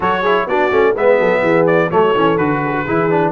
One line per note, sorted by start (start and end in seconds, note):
0.00 0.46 F#3
0.00 0.24 F#4
0.00 0.21 A4
0.00 0.48 C#5
0.21 0.48 E4
0.21 0.45 G#4
0.46 0.70 B3
0.46 0.71 D4
0.46 0.94 F#4
0.46 0.95 D5
0.71 0.95 A3
0.71 0.95 C#4
0.94 1.19 G#3
0.94 1.91 B3
0.94 1.18 B4
0.94 1.66 E5
1.19 1.42 F#3
1.19 1.42 A4
1.42 1.90 E3
1.42 1.89 G#4
1.66 1.90 D5
1.90 2.14 F#3
1.90 2.14 A3
1.90 2.62 A4
1.90 2.37 C#5
2.15 2.38 E3
2.15 2.38 C#4
2.37 2.85 D3
2.37 2.86 F#4
2.37 3.31 B4
2.65 2.71 G#4
2.71 2.83 F#4
2.84 3.31 E3
2.84 3.10 E4
2.84 3.31 G#4
3.10 3.31 D4